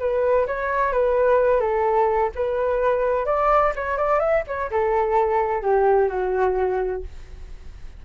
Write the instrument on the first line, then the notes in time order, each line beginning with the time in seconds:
flute
0.00 B4
0.48 C#5
0.93 B4
1.61 A4
2.36 B4
3.26 D5
3.76 C#5
3.98 D5
4.20 E5
4.48 C#5
4.71 A4
5.62 G4
6.09 F#4